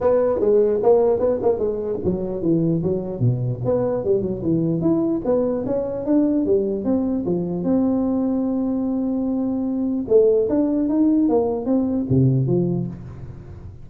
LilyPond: \new Staff \with { instrumentName = "tuba" } { \time 4/4 \tempo 4 = 149 b4 gis4 ais4 b8 ais8 | gis4 fis4 e4 fis4 | b,4 b4 g8 fis8 e4 | e'4 b4 cis'4 d'4 |
g4 c'4 f4 c'4~ | c'1~ | c'4 a4 d'4 dis'4 | ais4 c'4 c4 f4 | }